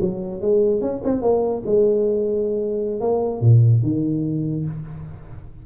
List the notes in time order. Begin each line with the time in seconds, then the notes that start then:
0.00 F#3
0.41 G#3
0.81 C#4
1.04 C4
1.21 A#3
1.66 G#3
3.00 A#3
3.41 A#2
3.82 D#3